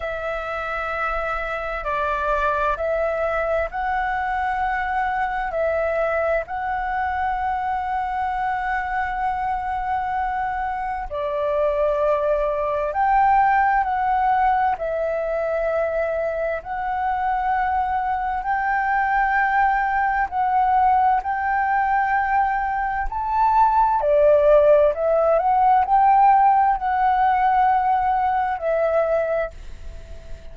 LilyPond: \new Staff \with { instrumentName = "flute" } { \time 4/4 \tempo 4 = 65 e''2 d''4 e''4 | fis''2 e''4 fis''4~ | fis''1 | d''2 g''4 fis''4 |
e''2 fis''2 | g''2 fis''4 g''4~ | g''4 a''4 d''4 e''8 fis''8 | g''4 fis''2 e''4 | }